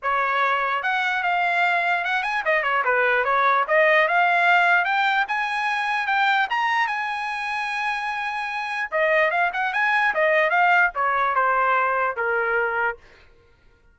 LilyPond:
\new Staff \with { instrumentName = "trumpet" } { \time 4/4 \tempo 4 = 148 cis''2 fis''4 f''4~ | f''4 fis''8 gis''8 dis''8 cis''8 b'4 | cis''4 dis''4 f''2 | g''4 gis''2 g''4 |
ais''4 gis''2.~ | gis''2 dis''4 f''8 fis''8 | gis''4 dis''4 f''4 cis''4 | c''2 ais'2 | }